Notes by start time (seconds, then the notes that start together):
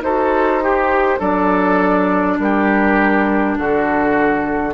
0.00 D#4 F#4 A4 C5
0.62 G4
1.19 F#3 D4 A4 D5
2.39 G3 G4 A#4
3.58 D3 F#4 A4